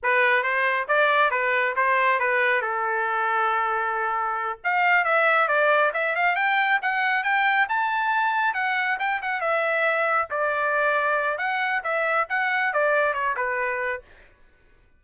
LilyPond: \new Staff \with { instrumentName = "trumpet" } { \time 4/4 \tempo 4 = 137 b'4 c''4 d''4 b'4 | c''4 b'4 a'2~ | a'2~ a'8 f''4 e''8~ | e''8 d''4 e''8 f''8 g''4 fis''8~ |
fis''8 g''4 a''2 fis''8~ | fis''8 g''8 fis''8 e''2 d''8~ | d''2 fis''4 e''4 | fis''4 d''4 cis''8 b'4. | }